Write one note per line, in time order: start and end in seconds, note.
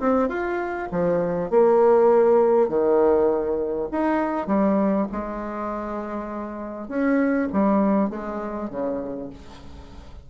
0.00 0.29 C4
0.29 0.89 F4
0.92 1.51 F3
1.51 2.69 A#3
2.69 3.89 D#3
3.92 4.47 D#4
4.47 5.07 G3
5.12 6.89 G#3
6.89 7.49 C#4
7.53 8.10 G3
8.10 8.70 G#3
8.70 9.30 C#3